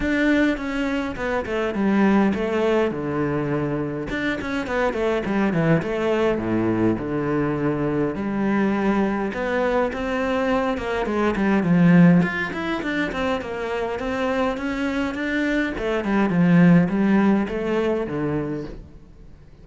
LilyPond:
\new Staff \with { instrumentName = "cello" } { \time 4/4 \tempo 4 = 103 d'4 cis'4 b8 a8 g4 | a4 d2 d'8 cis'8 | b8 a8 g8 e8 a4 a,4 | d2 g2 |
b4 c'4. ais8 gis8 g8 | f4 f'8 e'8 d'8 c'8 ais4 | c'4 cis'4 d'4 a8 g8 | f4 g4 a4 d4 | }